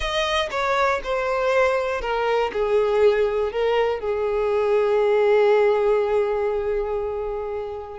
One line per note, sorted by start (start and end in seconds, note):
0.00 0.49 D#5
0.50 1.00 C#5
1.03 2.01 C5
2.01 2.51 A#4
2.52 3.51 G#4
3.51 4.00 A#4
4.00 7.99 G#4